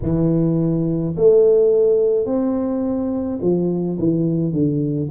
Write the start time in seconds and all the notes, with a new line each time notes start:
0.02 E3
1.16 A3
2.25 C4
3.41 F3
3.99 E3
4.52 D3